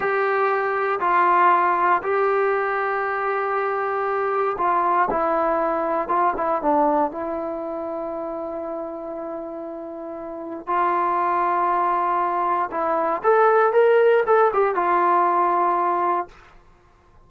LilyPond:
\new Staff \with { instrumentName = "trombone" } { \time 4/4 \tempo 4 = 118 g'2 f'2 | g'1~ | g'4 f'4 e'2 | f'8 e'8 d'4 e'2~ |
e'1~ | e'4 f'2.~ | f'4 e'4 a'4 ais'4 | a'8 g'8 f'2. | }